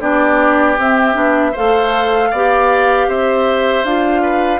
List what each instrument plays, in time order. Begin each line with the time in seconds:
0.00 bassoon B3, clarinet D4, oboe G4, flute D5
0.77 bassoon C4, clarinet C4, flute E5
1.13 bassoon B3, clarinet D4
1.52 bassoon A3, clarinet A4, oboe C5, flute F5
2.30 bassoon B3, clarinet G4, oboe D5
3.07 bassoon C4, oboe C5, flute E5
3.83 bassoon D4, clarinet F4, flute F5
4.21 oboe B4